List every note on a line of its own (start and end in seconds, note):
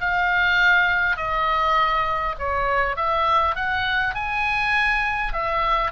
0.00 1.16 F5
1.16 2.35 D#5
2.38 2.96 C#5
2.96 3.55 E5
3.55 4.14 F#5
4.14 5.33 G#5
5.33 5.91 E5